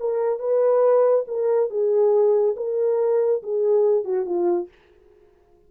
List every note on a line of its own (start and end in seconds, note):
0.00 0.40 A#4
0.40 1.25 B4
1.28 1.70 A#4
1.70 2.56 G#4
2.57 3.43 A#4
3.43 4.05 G#4
4.05 4.26 F#4
4.26 4.69 F4